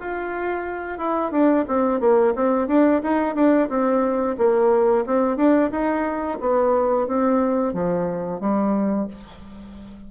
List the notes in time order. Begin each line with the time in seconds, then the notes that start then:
0.00 F4
0.98 E4
1.31 D4
1.68 C4
2.00 A#3
2.35 C4
2.68 D4
3.03 D#4
3.35 D4
3.69 C4
4.38 A#3
5.06 C4
5.37 D4
5.71 D#4
6.40 B3
7.07 C4
7.73 F3
8.40 G3